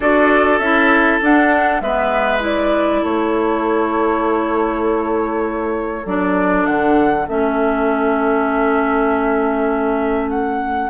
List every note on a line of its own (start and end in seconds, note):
0.00 0.59 D4
0.00 0.61 F#4
0.00 1.81 A4
0.00 0.58 D5
0.58 1.19 C#4
0.58 1.22 E4
0.58 1.19 E5
1.22 1.82 D4
1.22 1.80 D4
1.22 1.80 F#5
1.80 3.02 G#3
1.80 2.39 B3
1.80 3.01 B4
1.80 2.41 E5
2.39 6.03 E4
2.39 3.04 D5
3.01 6.05 A3
3.01 10.89 A4
3.01 6.06 C#5
6.05 6.66 F#3
6.05 7.27 D4
6.05 6.66 D5
6.66 7.27 D3
6.66 7.26 F#5
7.27 10.89 A3
7.27 10.89 C#4
7.27 10.30 E5
10.30 10.89 F#5